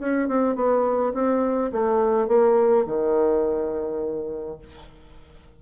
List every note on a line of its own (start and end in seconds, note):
0.00 0.29 C#4
0.29 0.56 C4
0.56 1.14 B3
1.14 1.72 C4
1.73 2.28 A3
2.28 2.86 A#3
2.86 4.59 D#3